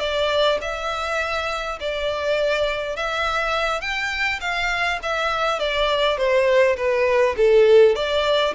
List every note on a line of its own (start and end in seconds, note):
0.00 0.59 D5
0.61 1.79 E5
1.80 2.97 D5
2.97 3.81 E5
3.81 4.40 G5
4.41 5.00 F5
5.03 5.60 E5
5.60 6.17 D5
6.17 6.76 C5
6.77 7.36 B4
7.37 7.96 A4
7.96 8.55 D5